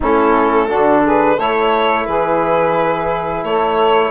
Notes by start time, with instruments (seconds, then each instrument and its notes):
0.00 bassoon A3, trombone C#4, saxophone E4, violin A4
0.68 bassoon D3, trombone D4, saxophone F#4
1.05 saxophone G#4, violin B4
1.36 bassoon A3, trombone E4, saxophone A4, violin C#5
2.05 bassoon E3, saxophone G#4, violin B4
3.43 bassoon A3, saxophone A4, violin C#5